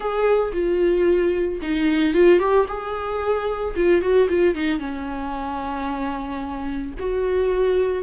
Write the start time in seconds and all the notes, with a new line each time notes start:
0.00 G#4
0.52 F4
1.62 D#4
2.14 F4
2.39 G4
2.67 G#4
3.75 F4
4.01 F#4
4.29 F4
4.54 D#4
4.79 C#4
6.99 F#4